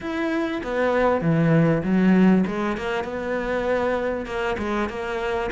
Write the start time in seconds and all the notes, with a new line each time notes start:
0.00 E4
0.63 B3
1.21 E3
1.83 F#3
2.46 G#3
2.77 A#3
3.04 B3
4.26 A#3
4.58 G#3
4.89 A#3